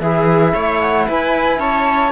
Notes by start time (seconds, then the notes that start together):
0.00 E3 E4 G#4 E5
0.54 A3 C#5
0.81 F#5
1.08 E4 B4 G#5
1.59 C#4 C#5 A5